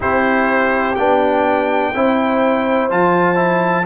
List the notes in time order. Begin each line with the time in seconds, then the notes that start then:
0.00 C4 E4 G4 C5
0.95 B3 D4 G5
1.94 C4 E4 C5
2.90 F3 F4 A5
3.35 E4